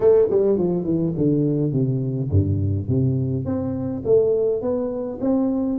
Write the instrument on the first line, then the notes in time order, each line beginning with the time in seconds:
tuba
0.00 A3
0.30 G3
0.58 F3
0.84 E3
1.17 D3
1.72 C3
2.30 G2
2.88 C3
3.45 C4
4.04 A3
4.61 B3
5.21 C4